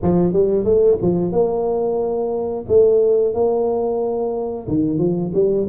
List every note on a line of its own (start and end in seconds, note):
0.02 0.32 F3
0.32 0.64 G3
0.64 0.97 A3
1.01 1.32 F3
1.32 2.65 A#3
2.68 3.34 A3
3.34 4.67 A#3
4.67 4.98 D#3
4.98 5.31 F3
5.34 5.67 G3